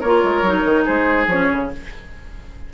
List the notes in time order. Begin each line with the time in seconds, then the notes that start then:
0.00 A#3 F4 A#4 C#5
0.23 G#3
0.42 F#3 D#4
0.64 D#3
0.84 G#3 G#4 C5
1.27 F3 C#4 C#5
1.52 C#3